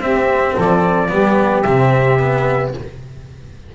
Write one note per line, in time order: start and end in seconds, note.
0.00 0.55 C4
0.00 1.08 C4
0.00 0.54 G4
0.00 0.56 E5
0.54 1.11 F3
0.54 1.09 A4
0.60 1.62 D5
1.08 1.65 G3
1.08 1.63 B3
1.08 2.75 G4
1.62 2.74 C3
1.62 2.19 C4
1.62 2.71 E5
2.19 2.74 B3